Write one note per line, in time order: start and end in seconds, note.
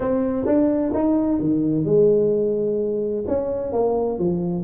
0.00 0.45 C4
0.45 0.92 D4
0.94 1.40 D#4
1.40 1.85 D#3
1.85 3.24 G#3
3.27 3.72 C#4
3.72 4.18 A#3
4.18 4.63 F3